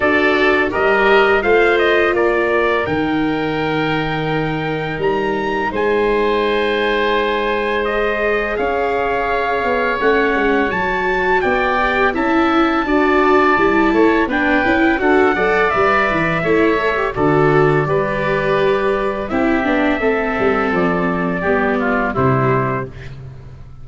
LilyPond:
<<
  \new Staff \with { instrumentName = "trumpet" } { \time 4/4 \tempo 4 = 84 d''4 dis''4 f''8 dis''8 d''4 | g''2. ais''4 | gis''2. dis''4 | f''2 fis''4 a''4 |
g''4 a''2. | g''4 fis''4 e''2 | d''2. e''4~ | e''4 d''2 c''4 | }
  \new Staff \with { instrumentName = "oboe" } { \time 4/4 a'4 ais'4 c''4 ais'4~ | ais'1 | c''1 | cis''1 |
d''4 e''4 d''4. cis''8 | b'4 a'8 d''4. cis''4 | a'4 b'2 g'4 | a'2 g'8 f'8 e'4 | }
  \new Staff \with { instrumentName = "viola" } { \time 4/4 fis'4 g'4 f'2 | dis'1~ | dis'2. gis'4~ | gis'2 cis'4 fis'4~ |
fis'8 g'8 e'4 fis'4 e'4 | d'8 e'8 fis'8 a'8 b'4 e'8 a'16 g'16 | fis'4 g'2 e'8 d'8 | c'2 b4 g4 | }
  \new Staff \with { instrumentName = "tuba" } { \time 4/4 d'4 g4 a4 ais4 | dis2. g4 | gis1 | cis'4. b8 a8 gis8 fis4 |
b4 cis'4 d'4 g8 a8 | b8 cis'8 d'8 fis8 g8 e8 a4 | d4 g2 c'8 b8 | a8 g8 f4 g4 c4 | }
>>